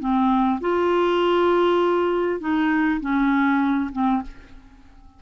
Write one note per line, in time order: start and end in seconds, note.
0.00 0.60 C4
0.61 2.41 F4
2.41 3.01 D#4
3.01 3.91 C#4
3.92 4.22 C4